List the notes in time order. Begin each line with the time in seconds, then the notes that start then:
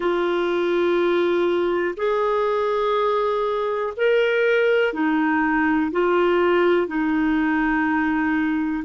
0.00 F4
1.96 G#4
3.96 A#4
4.93 D#4
5.92 F4
6.87 D#4